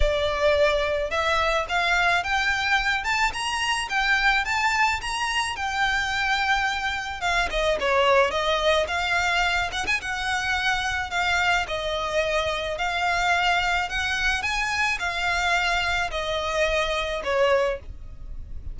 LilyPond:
\new Staff \with { instrumentName = "violin" } { \time 4/4 \tempo 4 = 108 d''2 e''4 f''4 | g''4. a''8 ais''4 g''4 | a''4 ais''4 g''2~ | g''4 f''8 dis''8 cis''4 dis''4 |
f''4. fis''16 gis''16 fis''2 | f''4 dis''2 f''4~ | f''4 fis''4 gis''4 f''4~ | f''4 dis''2 cis''4 | }